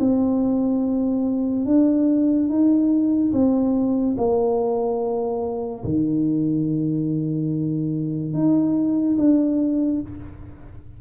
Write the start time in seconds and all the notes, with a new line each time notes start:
0.00 C4
1.66 D4
2.49 D#4
3.33 C4
4.17 A#3
5.84 D#3
8.33 D#4
9.18 D4